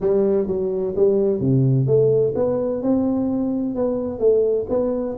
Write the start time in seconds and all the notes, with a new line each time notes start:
0.00 G3
0.47 F#3
0.95 G3
1.40 C3
1.86 A3
2.35 B3
2.82 C4
3.75 B3
4.19 A3
4.69 B3